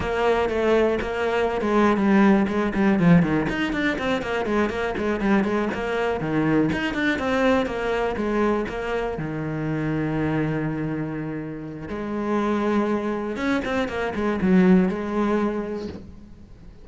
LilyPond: \new Staff \with { instrumentName = "cello" } { \time 4/4 \tempo 4 = 121 ais4 a4 ais4~ ais16 gis8. | g4 gis8 g8 f8 dis8 dis'8 d'8 | c'8 ais8 gis8 ais8 gis8 g8 gis8 ais8~ | ais8 dis4 dis'8 d'8 c'4 ais8~ |
ais8 gis4 ais4 dis4.~ | dis1 | gis2. cis'8 c'8 | ais8 gis8 fis4 gis2 | }